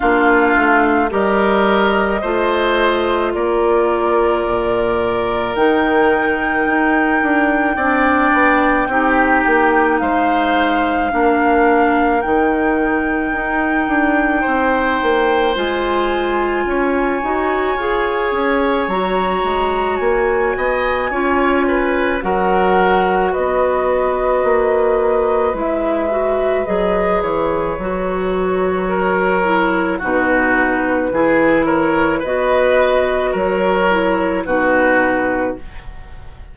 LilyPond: <<
  \new Staff \with { instrumentName = "flute" } { \time 4/4 \tempo 4 = 54 f''4 dis''2 d''4~ | d''4 g''2.~ | g''4 f''2 g''4~ | g''2 gis''2~ |
gis''4 ais''4 gis''2 | fis''4 dis''2 e''4 | dis''8 cis''2~ cis''8 b'4~ | b'8 cis''8 dis''4 cis''4 b'4 | }
  \new Staff \with { instrumentName = "oboe" } { \time 4/4 f'4 ais'4 c''4 ais'4~ | ais'2. d''4 | g'4 c''4 ais'2~ | ais'4 c''2 cis''4~ |
cis''2~ cis''8 dis''8 cis''8 b'8 | ais'4 b'2.~ | b'2 ais'4 fis'4 | gis'8 ais'8 b'4 ais'4 fis'4 | }
  \new Staff \with { instrumentName = "clarinet" } { \time 4/4 d'4 g'4 f'2~ | f'4 dis'2 d'4 | dis'2 d'4 dis'4~ | dis'2 f'4. fis'8 |
gis'4 fis'2 f'4 | fis'2. e'8 fis'8 | gis'4 fis'4. e'8 dis'4 | e'4 fis'4. e'8 dis'4 | }
  \new Staff \with { instrumentName = "bassoon" } { \time 4/4 ais8 a8 g4 a4 ais4 | ais,4 dis4 dis'8 d'8 c'8 b8 | c'8 ais8 gis4 ais4 dis4 | dis'8 d'8 c'8 ais8 gis4 cis'8 dis'8 |
f'8 cis'8 fis8 gis8 ais8 b8 cis'4 | fis4 b4 ais4 gis4 | fis8 e8 fis2 b,4 | e4 b4 fis4 b,4 | }
>>